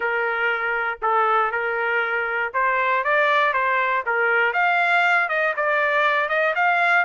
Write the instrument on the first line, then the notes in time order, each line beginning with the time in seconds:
trumpet
0.00 A#4
1.02 A4
1.51 A#4
2.53 C5
3.04 D5
3.53 C5
4.06 A#4
4.53 F5
5.28 D#5
5.56 D5
6.28 D#5
6.55 F5